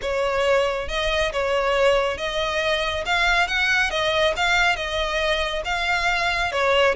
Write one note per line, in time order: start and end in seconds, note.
0.01 0.88 C#5
0.88 1.32 D#5
1.32 2.17 C#5
2.17 3.04 D#5
3.05 3.47 F5
3.47 3.90 F#5
3.90 4.33 D#5
4.36 4.76 F5
4.76 5.63 D#5
5.64 6.51 F5
6.51 6.95 C#5